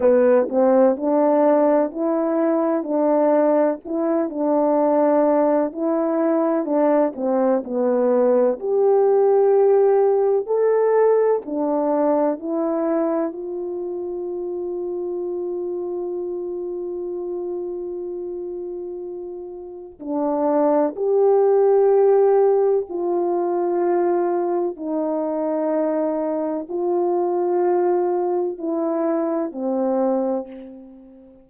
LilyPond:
\new Staff \with { instrumentName = "horn" } { \time 4/4 \tempo 4 = 63 b8 c'8 d'4 e'4 d'4 | e'8 d'4. e'4 d'8 c'8 | b4 g'2 a'4 | d'4 e'4 f'2~ |
f'1~ | f'4 d'4 g'2 | f'2 dis'2 | f'2 e'4 c'4 | }